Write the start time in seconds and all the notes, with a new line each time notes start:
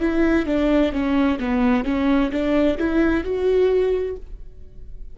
0.00 E4
0.46 D4
0.92 C#4
1.39 B3
1.85 C#4
2.32 D4
2.78 E4
3.24 F#4